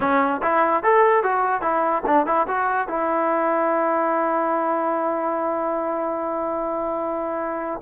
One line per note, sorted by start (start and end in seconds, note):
0.00 0.41 C#4
0.42 0.83 E4
0.83 1.23 A4
1.23 1.61 F#4
1.61 2.02 E4
2.05 2.26 D4
2.26 2.47 E4
2.47 2.88 F#4
2.88 7.81 E4